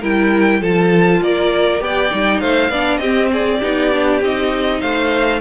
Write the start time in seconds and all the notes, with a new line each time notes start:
0.00 G3 E4 A#4 G5
0.60 F3 F4 A4 A5
1.21 A#3 A#4 D5
1.79 B3 G4 D5 G5
2.11 G3 D#4
2.40 A3 C5 F5
2.69 B3 D4 D5
2.97 C4 G4 D#5
3.04 C4
3.33 G#4 D5
3.59 B3 D#4 G4
3.92 D4
4.21 C4 D#4 D#5
4.80 A3 C5 F5